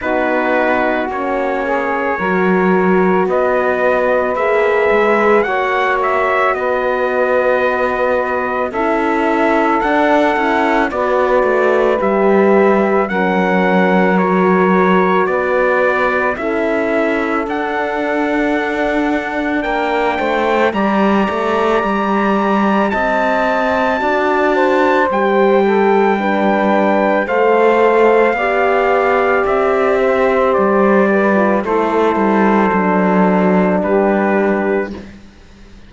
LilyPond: <<
  \new Staff \with { instrumentName = "trumpet" } { \time 4/4 \tempo 4 = 55 b'4 cis''2 dis''4 | e''4 fis''8 e''8 dis''2 | e''4 fis''4 d''4 e''4 | fis''4 cis''4 d''4 e''4 |
fis''2 g''4 ais''4~ | ais''4 a''2 g''4~ | g''4 f''2 e''4 | d''4 c''2 b'4 | }
  \new Staff \with { instrumentName = "saxophone" } { \time 4/4 fis'4. gis'8 ais'4 b'4~ | b'4 cis''4 b'2 | a'2 b'2 | ais'2 b'4 a'4~ |
a'2 ais'8 c''8 d''4~ | d''4 dis''4 d''8 c''4 a'8 | b'4 c''4 d''4. c''8~ | c''8 b'8 a'2 g'4 | }
  \new Staff \with { instrumentName = "horn" } { \time 4/4 dis'4 cis'4 fis'2 | gis'4 fis'2. | e'4 d'8 e'8 fis'4 g'4 | cis'4 fis'2 e'4 |
d'2. g'4~ | g'2 fis'4 g'4 | d'4 a'4 g'2~ | g'8. f'16 e'4 d'2 | }
  \new Staff \with { instrumentName = "cello" } { \time 4/4 b4 ais4 fis4 b4 | ais8 gis8 ais4 b2 | cis'4 d'8 cis'8 b8 a8 g4 | fis2 b4 cis'4 |
d'2 ais8 a8 g8 a8 | g4 c'4 d'4 g4~ | g4 a4 b4 c'4 | g4 a8 g8 fis4 g4 | }
>>